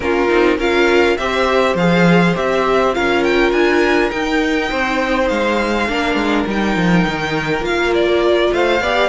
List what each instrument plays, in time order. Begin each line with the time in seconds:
0.00 cello A#3, viola C#4, violin F4 A#4
0.28 cello C4, viola D#4
0.57 cello C#4, viola F4, violin A#4 F5
1.17 cello C4, viola G4, violin C5 E5
1.74 cello F3, viola G#4, violin F5
2.35 cello C4, viola G4, violin E5
2.93 cello C#4, viola F4, violin A#4 F5
3.23 violin G5
3.51 cello D4, violin G#5
4.10 viola D#4, cello D#4, violin G5
4.70 cello C4, violin C5
5.28 cello G#3, violin F5
5.88 cello A#3, viola D4, violin A#4
6.14 cello G#3
6.46 cello G3, viola D#4, violin G5
6.76 cello F3
7.06 cello D#3
7.61 cello A#3, viola F4, violin F5
7.94 violin D5
8.53 cello A3, violin C5 F5
8.80 cello B3, viola G4, violin D5